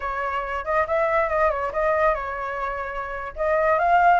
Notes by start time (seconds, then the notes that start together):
0.00 C#5
0.65 D#5
0.87 E5
1.29 D#5
1.50 C#5
1.72 D#5
2.14 C#5
3.36 D#5
3.79 F5